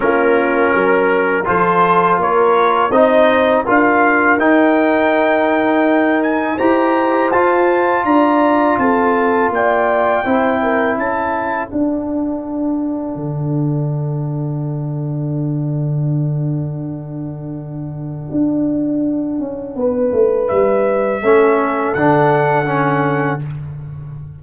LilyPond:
<<
  \new Staff \with { instrumentName = "trumpet" } { \time 4/4 \tempo 4 = 82 ais'2 c''4 cis''4 | dis''4 f''4 g''2~ | g''8 gis''8 ais''4 a''4 ais''4 | a''4 g''2 a''4 |
fis''1~ | fis''1~ | fis''1 | e''2 fis''2 | }
  \new Staff \with { instrumentName = "horn" } { \time 4/4 f'4 ais'4 a'4 ais'4 | c''4 ais'2.~ | ais'4 c''2 d''4 | a'4 d''4 c''8 ais'8 a'4~ |
a'1~ | a'1~ | a'2. b'4~ | b'4 a'2. | }
  \new Staff \with { instrumentName = "trombone" } { \time 4/4 cis'2 f'2 | dis'4 f'4 dis'2~ | dis'4 g'4 f'2~ | f'2 e'2 |
d'1~ | d'1~ | d'1~ | d'4 cis'4 d'4 cis'4 | }
  \new Staff \with { instrumentName = "tuba" } { \time 4/4 ais4 fis4 f4 ais4 | c'4 d'4 dis'2~ | dis'4 e'4 f'4 d'4 | c'4 ais4 c'4 cis'4 |
d'2 d2~ | d1~ | d4 d'4. cis'8 b8 a8 | g4 a4 d2 | }
>>